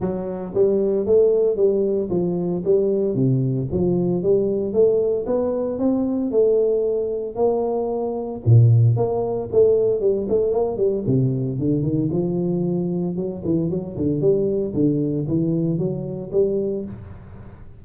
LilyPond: \new Staff \with { instrumentName = "tuba" } { \time 4/4 \tempo 4 = 114 fis4 g4 a4 g4 | f4 g4 c4 f4 | g4 a4 b4 c'4 | a2 ais2 |
ais,4 ais4 a4 g8 a8 | ais8 g8 c4 d8 dis8 f4~ | f4 fis8 e8 fis8 d8 g4 | d4 e4 fis4 g4 | }